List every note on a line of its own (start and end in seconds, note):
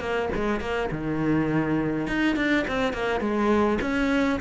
0.00 0.29 A#3
0.35 0.61 G#3
0.61 0.90 A#3
0.91 2.07 D#3
2.07 2.36 D#4
2.36 2.66 D4
2.68 2.93 C4
2.93 3.21 A#3
3.21 3.79 G#3
3.82 4.40 C#4